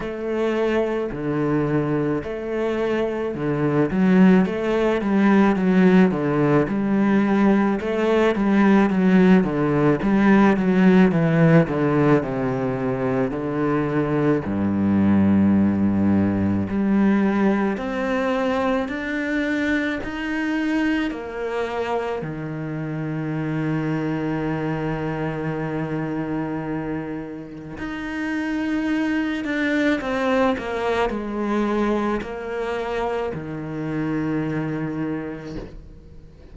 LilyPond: \new Staff \with { instrumentName = "cello" } { \time 4/4 \tempo 4 = 54 a4 d4 a4 d8 fis8 | a8 g8 fis8 d8 g4 a8 g8 | fis8 d8 g8 fis8 e8 d8 c4 | d4 g,2 g4 |
c'4 d'4 dis'4 ais4 | dis1~ | dis4 dis'4. d'8 c'8 ais8 | gis4 ais4 dis2 | }